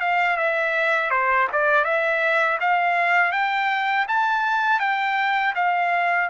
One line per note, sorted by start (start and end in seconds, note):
0.00 0.37 F5
0.37 1.11 E5
1.11 1.48 C5
1.53 1.85 D5
1.85 2.59 E5
2.60 3.32 F5
3.32 4.06 G5
4.08 4.80 A5
4.80 5.54 G5
5.56 6.30 F5